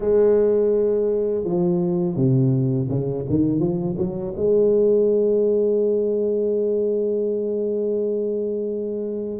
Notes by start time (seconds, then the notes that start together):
0.00 G#3
1.44 F3
2.16 C3
2.88 C#3
3.29 D#3
3.59 F3
3.97 F#3
4.36 G#3